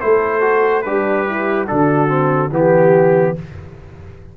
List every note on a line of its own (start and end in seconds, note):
0.00 0.86 A3
0.00 0.41 E4
0.00 0.85 A4
0.00 0.82 C5
0.41 0.82 F#4
0.82 1.70 G3
0.82 1.26 D4
0.82 1.67 G4
0.82 1.65 B4
1.26 1.68 E4
1.67 2.51 D3
1.67 2.08 D4
1.67 2.51 F#4
1.67 2.51 A4
2.08 2.49 C4
2.51 3.34 E3
2.51 3.35 B3
2.51 3.34 G4
2.51 3.37 G4